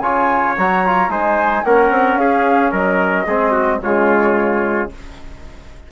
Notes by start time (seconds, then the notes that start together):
0.00 C#3 F4 C#5 G#5
0.57 F#3 F#4 A#5
0.86 F4
1.09 G#3 D#4 C5 G#5
1.64 A#3 C#4 A#4 F#5
1.90 C4
2.16 C#4 G#4 F5
2.71 F#3 A#4 D#5
3.26 G#3 C4 G#4
3.51 F#4
3.81 C#3 G#3 F4 C#5